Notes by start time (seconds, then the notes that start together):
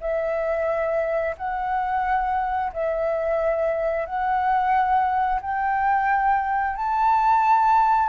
0.00 E5
1.37 F#5
2.72 E5
4.05 F#5
5.41 G5
6.76 A5